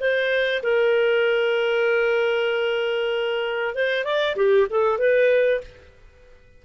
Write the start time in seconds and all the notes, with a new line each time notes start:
0.00 C5
0.63 A#4
3.75 C5
4.05 D5
4.36 G4
4.70 A4
4.99 B4